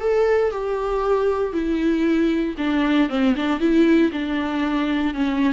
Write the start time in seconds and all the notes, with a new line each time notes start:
0.00 A4
0.51 G4
1.52 E4
2.58 D4
3.09 C4
3.35 D4
3.59 E4
4.12 D4
5.14 C#4